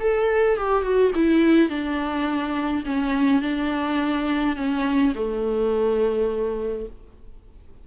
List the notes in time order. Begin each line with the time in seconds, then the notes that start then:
0.00 A4
0.57 G4
0.83 F#4
1.15 E4
1.69 D4
2.85 C#4
3.42 D4
4.56 C#4
5.15 A3